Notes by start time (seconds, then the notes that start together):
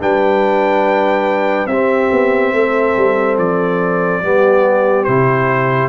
0.00 G3 D4 B4 G5
1.66 C4 G4 E5
1.73 C4
2.12 B3
2.53 A3 A4
2.97 G3
3.38 F3 D5
4.23 G3 B3 G4
5.04 C3 E4 C5